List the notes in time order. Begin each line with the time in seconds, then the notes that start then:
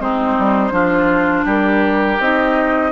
0.00 G#3 C4 D#4 C5
0.39 G3
0.71 F3 D4 F4
1.45 G3 G4 A#4
2.20 C4 D#4 D#5